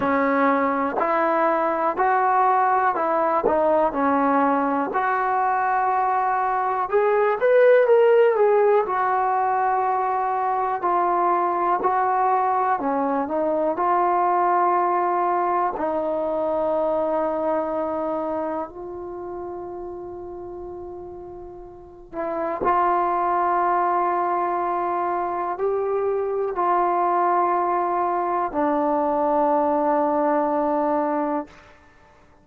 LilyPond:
\new Staff \with { instrumentName = "trombone" } { \time 4/4 \tempo 4 = 61 cis'4 e'4 fis'4 e'8 dis'8 | cis'4 fis'2 gis'8 b'8 | ais'8 gis'8 fis'2 f'4 | fis'4 cis'8 dis'8 f'2 |
dis'2. f'4~ | f'2~ f'8 e'8 f'4~ | f'2 g'4 f'4~ | f'4 d'2. | }